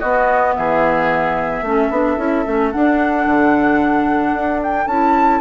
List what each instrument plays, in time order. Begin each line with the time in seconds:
0.00 bassoon B3, clarinet B3, oboe F#4, flute D#5
0.56 bassoon E3, oboe G#4, flute E5
1.62 bassoon A3, clarinet C#4, oboe A4
1.91 bassoon B3, clarinet D4
2.18 bassoon C#4, clarinet E4
2.47 bassoon A3, clarinet C#4
2.72 clarinet D4, bassoon D4, flute F#5
3.27 bassoon D3
4.34 bassoon D4
4.63 flute G5
4.87 bassoon C#4, clarinet E4, flute A5